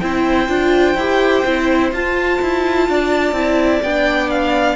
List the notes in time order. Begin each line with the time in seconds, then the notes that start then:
0.00 C4 E4 C5 G5
0.48 D4 F4
0.95 E4 G4
1.46 C4 E4
1.92 F4 A5
2.42 E4
2.89 D4 D5
3.32 C4 E4
3.82 B3 D4 G5
4.30 F5